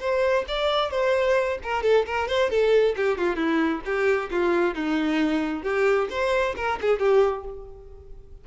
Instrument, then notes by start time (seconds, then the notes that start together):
violin
0.00 C5
0.48 D5
0.91 C5
1.64 A#4
1.83 A4
2.06 A#4
2.28 C5
2.50 A4
2.97 G4
3.18 F4
3.36 E4
3.85 G4
4.31 F4
4.75 D#4
5.63 G4
6.10 C5
6.57 A#4
6.81 G#4
7.00 G4